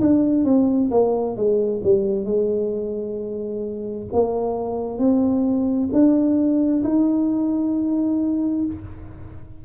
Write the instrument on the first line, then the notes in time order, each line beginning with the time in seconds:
tuba
0.00 D4
0.44 C4
0.90 A#3
1.36 G#3
1.83 G3
2.24 G#3
4.12 A#3
4.98 C4
5.92 D4
6.83 D#4